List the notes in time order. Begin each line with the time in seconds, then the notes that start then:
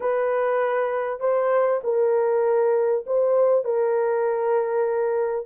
0.00 B4
1.20 C5
1.83 A#4
3.06 C5
3.64 A#4